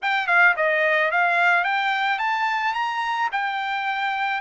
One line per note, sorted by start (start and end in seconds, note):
0.02 0.27 G5
0.27 0.54 F5
0.56 1.11 D#5
1.11 1.64 F5
1.64 2.18 G5
2.18 2.73 A5
2.74 3.29 A#5
3.32 4.41 G5